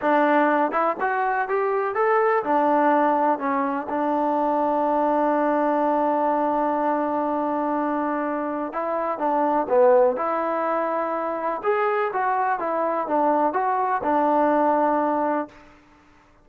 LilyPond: \new Staff \with { instrumentName = "trombone" } { \time 4/4 \tempo 4 = 124 d'4. e'8 fis'4 g'4 | a'4 d'2 cis'4 | d'1~ | d'1~ |
d'2 e'4 d'4 | b4 e'2. | gis'4 fis'4 e'4 d'4 | fis'4 d'2. | }